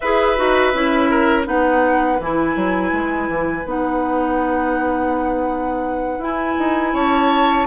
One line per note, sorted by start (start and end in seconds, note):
0.00 0.38 E4
0.00 0.36 G#4
0.00 1.10 B4
0.00 1.43 E5
0.36 0.74 D#4
0.36 0.73 F#4
0.73 1.46 C#4
0.73 1.44 E4
1.10 1.46 A#4
1.44 2.19 B3
1.44 2.17 D#4
1.44 6.93 B4
1.44 2.20 F#5
2.19 2.55 E3
2.19 3.65 E4
2.19 3.68 G#5
2.55 2.92 F#3
2.92 3.28 G#3
3.28 3.65 E3
3.65 6.18 B3
3.65 6.21 D#4
3.65 6.24 F#5
6.18 6.55 E4
6.18 7.66 E4
6.18 6.95 G#5
6.59 6.93 D#4
6.93 7.66 C#4
6.93 7.66 C#5
6.93 7.66 A5